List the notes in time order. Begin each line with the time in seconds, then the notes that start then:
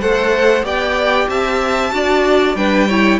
0.00 A3 A4 C5 F#5
0.63 B3 G4 D5 G5
1.28 C4 E5 A5
1.91 D4 F#4 D5
2.55 G3 D4 B4 G5
2.88 E4 C#5